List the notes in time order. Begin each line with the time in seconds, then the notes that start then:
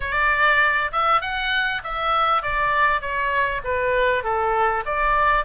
0.00 D5
0.91 E5
1.21 F#5
1.83 E5
2.42 D5
3.01 C#5
3.64 B4
4.23 A4
4.85 D5